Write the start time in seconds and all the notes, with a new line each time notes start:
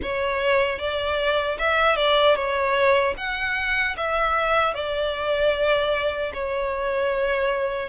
0.02 C#5
0.79 D5
1.58 E5
1.96 D5
2.35 C#5
3.17 F#5
3.97 E5
4.74 D5
6.33 C#5